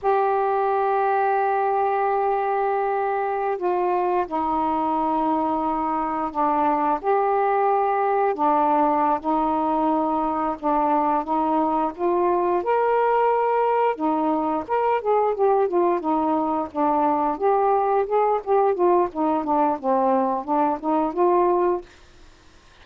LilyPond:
\new Staff \with { instrumentName = "saxophone" } { \time 4/4 \tempo 4 = 88 g'1~ | g'4~ g'16 f'4 dis'4.~ dis'16~ | dis'4~ dis'16 d'4 g'4.~ g'16~ | g'16 d'4~ d'16 dis'2 d'8~ |
d'8 dis'4 f'4 ais'4.~ | ais'8 dis'4 ais'8 gis'8 g'8 f'8 dis'8~ | dis'8 d'4 g'4 gis'8 g'8 f'8 | dis'8 d'8 c'4 d'8 dis'8 f'4 | }